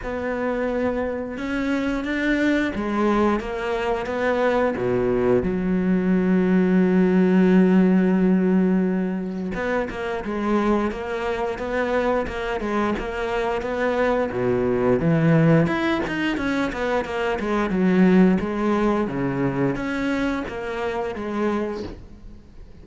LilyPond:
\new Staff \with { instrumentName = "cello" } { \time 4/4 \tempo 4 = 88 b2 cis'4 d'4 | gis4 ais4 b4 b,4 | fis1~ | fis2 b8 ais8 gis4 |
ais4 b4 ais8 gis8 ais4 | b4 b,4 e4 e'8 dis'8 | cis'8 b8 ais8 gis8 fis4 gis4 | cis4 cis'4 ais4 gis4 | }